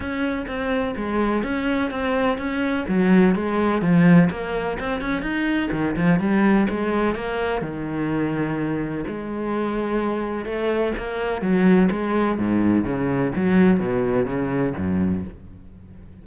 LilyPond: \new Staff \with { instrumentName = "cello" } { \time 4/4 \tempo 4 = 126 cis'4 c'4 gis4 cis'4 | c'4 cis'4 fis4 gis4 | f4 ais4 c'8 cis'8 dis'4 | dis8 f8 g4 gis4 ais4 |
dis2. gis4~ | gis2 a4 ais4 | fis4 gis4 gis,4 cis4 | fis4 b,4 cis4 fis,4 | }